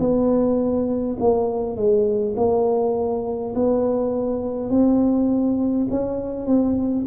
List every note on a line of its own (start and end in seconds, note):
0.00 1.18 B3
1.20 1.76 A#3
1.76 2.35 G#3
2.37 3.55 A#3
3.56 4.70 B3
4.70 5.88 C4
5.90 6.47 C#4
6.47 7.05 C4